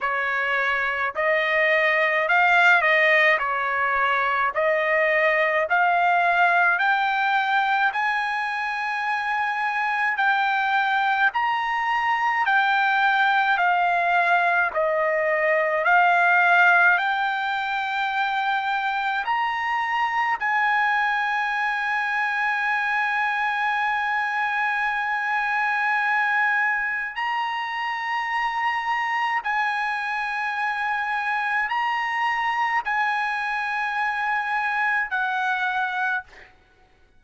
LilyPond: \new Staff \with { instrumentName = "trumpet" } { \time 4/4 \tempo 4 = 53 cis''4 dis''4 f''8 dis''8 cis''4 | dis''4 f''4 g''4 gis''4~ | gis''4 g''4 ais''4 g''4 | f''4 dis''4 f''4 g''4~ |
g''4 ais''4 gis''2~ | gis''1 | ais''2 gis''2 | ais''4 gis''2 fis''4 | }